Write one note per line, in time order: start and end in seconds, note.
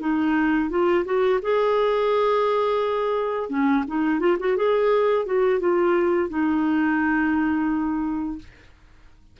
0.00 0.70 D#4
0.70 1.05 F4
1.05 1.40 F#4
1.42 3.49 G#4
3.49 3.84 C#4
3.88 4.20 D#4
4.20 4.37 F4
4.40 4.57 F#4
4.57 5.26 G#4
5.26 5.60 F#4
5.60 6.29 F4
6.29 8.39 D#4